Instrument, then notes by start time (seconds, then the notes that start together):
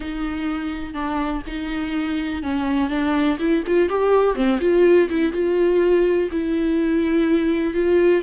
viola
0.00 D#4
0.94 D4
1.46 D#4
2.42 C#4
2.89 D4
3.39 E4
3.66 F4
3.89 G4
4.35 C4
4.60 F4
5.09 E4
5.32 F4
6.31 E4
7.74 F4